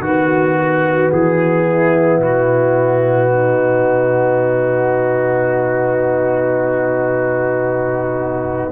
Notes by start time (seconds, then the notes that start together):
0.00 D#3 B3 F#4
1.12 E3 G#4
1.65 E4
2.18 B2 F#4
3.28 D#4